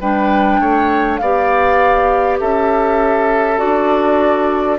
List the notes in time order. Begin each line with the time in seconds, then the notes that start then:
0.00 G3 D4 B4 G5
0.59 A3 C#5
1.17 B3 G4 D5 F5
2.40 C#4 A4 E5
3.57 D4 F#4 D5